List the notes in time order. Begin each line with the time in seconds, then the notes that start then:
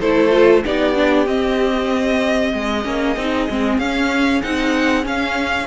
0.00 A3 E4 A4 C5
0.31 F4
0.64 B3 D#4 G4 D5
0.95 D4
1.27 C4 D#5
2.53 G#3 G#4
2.84 A#3 C#4
3.16 C4 D#4
3.50 G#3 C4
3.78 C#4 F5
4.42 C4 D#4 F#5
5.03 C#4 F5